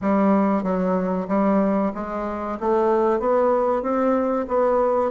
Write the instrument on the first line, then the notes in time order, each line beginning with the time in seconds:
bassoon
0.01 G3
0.63 F#3
1.28 G3
1.94 G#3
2.60 A3
3.19 B3
3.82 C4
4.48 B3